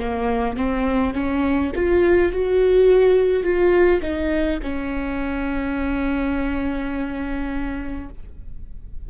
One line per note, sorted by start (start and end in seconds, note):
0.00 0.57 A#3
0.57 1.14 C4
1.14 1.72 C#4
1.76 2.33 F4
2.33 3.44 F#4
3.44 4.01 F4
4.02 4.60 D#4
4.63 8.09 C#4